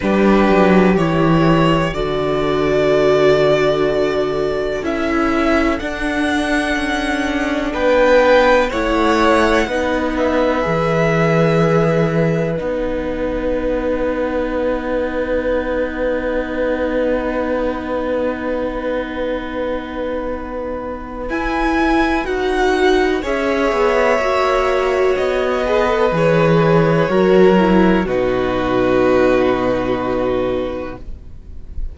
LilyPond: <<
  \new Staff \with { instrumentName = "violin" } { \time 4/4 \tempo 4 = 62 b'4 cis''4 d''2~ | d''4 e''4 fis''2 | g''4 fis''4. e''4.~ | e''4 fis''2.~ |
fis''1~ | fis''2 gis''4 fis''4 | e''2 dis''4 cis''4~ | cis''4 b'2. | }
  \new Staff \with { instrumentName = "violin" } { \time 4/4 g'2 a'2~ | a'1 | b'4 cis''4 b'2~ | b'1~ |
b'1~ | b'1 | cis''2~ cis''8 b'4. | ais'4 fis'2. | }
  \new Staff \with { instrumentName = "viola" } { \time 4/4 d'4 e'4 fis'2~ | fis'4 e'4 d'2~ | d'4 e'4 dis'4 gis'4~ | gis'4 dis'2.~ |
dis'1~ | dis'2 e'4 fis'4 | gis'4 fis'4. gis'16 a'16 gis'4 | fis'8 e'8 dis'2. | }
  \new Staff \with { instrumentName = "cello" } { \time 4/4 g8 fis8 e4 d2~ | d4 cis'4 d'4 cis'4 | b4 a4 b4 e4~ | e4 b2.~ |
b1~ | b2 e'4 dis'4 | cis'8 b8 ais4 b4 e4 | fis4 b,2. | }
>>